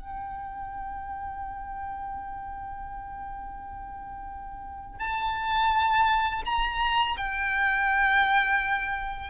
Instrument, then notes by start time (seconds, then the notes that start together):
violin
0.00 G5
5.00 A5
6.45 A#5
7.17 G5